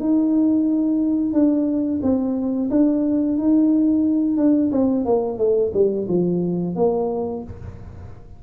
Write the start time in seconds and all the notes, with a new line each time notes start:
0.00 D#4
1.34 D4
2.03 C4
2.71 D4
3.39 D#4
4.38 D4
4.72 C4
5.06 A#3
5.38 A3
5.74 G3
6.09 F3
6.76 A#3